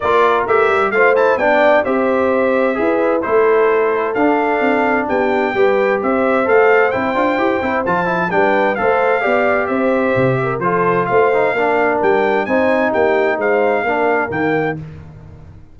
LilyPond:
<<
  \new Staff \with { instrumentName = "trumpet" } { \time 4/4 \tempo 4 = 130 d''4 e''4 f''8 a''8 g''4 | e''2. c''4~ | c''4 f''2 g''4~ | g''4 e''4 f''4 g''4~ |
g''4 a''4 g''4 f''4~ | f''4 e''2 c''4 | f''2 g''4 gis''4 | g''4 f''2 g''4 | }
  \new Staff \with { instrumentName = "horn" } { \time 4/4 ais'2 c''4 d''4 | c''2 b'4 a'4~ | a'2. g'4 | b'4 c''2.~ |
c''2 b'4 c''4 | d''4 c''4. ais'8 a'4 | c''4 ais'2 c''4 | g'4 c''4 ais'2 | }
  \new Staff \with { instrumentName = "trombone" } { \time 4/4 f'4 g'4 f'8 e'8 d'4 | g'2 gis'4 e'4~ | e'4 d'2. | g'2 a'4 e'8 f'8 |
g'8 e'8 f'8 e'8 d'4 a'4 | g'2. f'4~ | f'8 dis'8 d'2 dis'4~ | dis'2 d'4 ais4 | }
  \new Staff \with { instrumentName = "tuba" } { \time 4/4 ais4 a8 g8 a4 b4 | c'2 e'4 a4~ | a4 d'4 c'4 b4 | g4 c'4 a4 c'8 d'8 |
e'8 c'8 f4 g4 a4 | b4 c'4 c4 f4 | a4 ais4 g4 c'4 | ais4 gis4 ais4 dis4 | }
>>